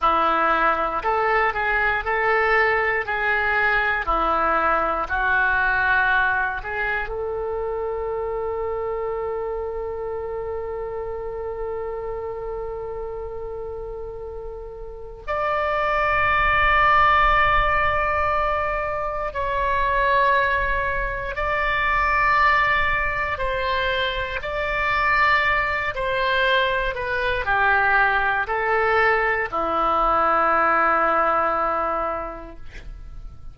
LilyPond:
\new Staff \with { instrumentName = "oboe" } { \time 4/4 \tempo 4 = 59 e'4 a'8 gis'8 a'4 gis'4 | e'4 fis'4. gis'8 a'4~ | a'1~ | a'2. d''4~ |
d''2. cis''4~ | cis''4 d''2 c''4 | d''4. c''4 b'8 g'4 | a'4 e'2. | }